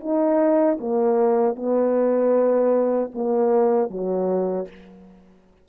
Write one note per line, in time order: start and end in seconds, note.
0.00 0.78 D#4
0.80 1.55 A#3
1.55 3.11 B3
3.14 3.90 A#3
3.90 4.68 F#3